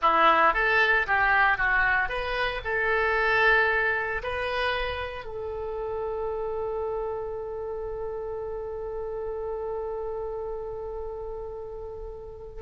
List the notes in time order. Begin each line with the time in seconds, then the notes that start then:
0.02 E4
0.53 A4
1.06 G4
1.57 F#4
2.08 B4
2.64 A4
4.23 B4
5.25 A4